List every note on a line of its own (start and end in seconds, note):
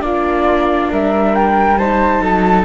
0.00 0.88 A#3
0.00 1.77 D4
0.00 0.91 F4
0.00 0.89 D5
0.91 2.19 G3
0.91 1.78 A#4
0.91 1.35 E5
1.35 1.78 G5
1.78 2.65 D#4
1.78 2.21 C5
1.78 2.65 A5
2.19 2.64 F#3
2.19 2.65 A4